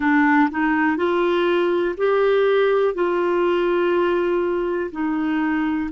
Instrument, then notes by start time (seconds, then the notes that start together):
clarinet
0.00 D4
0.50 D#4
0.96 F4
1.97 G4
2.94 F4
4.91 D#4